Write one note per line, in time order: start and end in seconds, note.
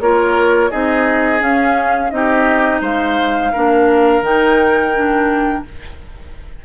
0.00 0.71 A#3
0.00 0.70 F4
0.00 0.70 A#4
0.00 0.71 C#5
0.70 1.41 C4
0.70 1.39 D#4
0.70 2.11 G#4
0.70 1.41 D#5
1.39 2.10 C#4
1.39 2.11 C#4
1.39 2.10 F5
2.10 2.81 C4
2.10 3.52 D#4
2.10 2.81 G4
2.10 2.81 D#5
2.81 3.51 G#3
2.81 3.52 C5
2.81 4.24 F5
3.52 4.21 A#3
3.52 4.23 D4
3.52 5.64 A#4
4.21 5.62 D#3
4.21 4.94 D#4
4.21 5.65 G5
4.94 5.65 D4